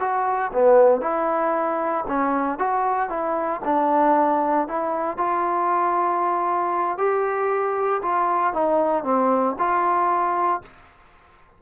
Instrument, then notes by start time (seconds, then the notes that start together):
trombone
0.00 F#4
0.53 B3
1.01 E4
2.08 C#4
2.59 F#4
3.09 E4
3.65 D4
4.68 E4
5.18 F4
6.98 G4
8.02 F4
8.54 D#4
9.04 C4
9.59 F4